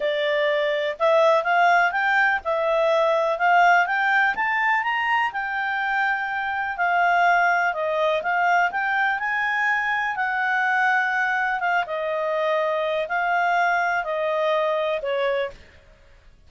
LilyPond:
\new Staff \with { instrumentName = "clarinet" } { \time 4/4 \tempo 4 = 124 d''2 e''4 f''4 | g''4 e''2 f''4 | g''4 a''4 ais''4 g''4~ | g''2 f''2 |
dis''4 f''4 g''4 gis''4~ | gis''4 fis''2. | f''8 dis''2~ dis''8 f''4~ | f''4 dis''2 cis''4 | }